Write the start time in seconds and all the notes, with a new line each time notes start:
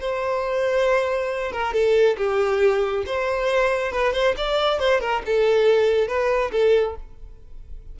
0.00 C5
1.52 A#4
1.73 A4
2.17 G4
3.06 C5
3.92 B4
4.13 C5
4.37 D5
4.79 C5
5.01 A#4
5.26 A4
6.08 B4
6.52 A4